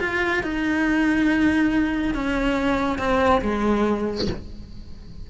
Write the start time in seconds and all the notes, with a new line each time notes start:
0.00 F4
0.43 D#4
2.14 C#4
2.98 C4
3.41 G#3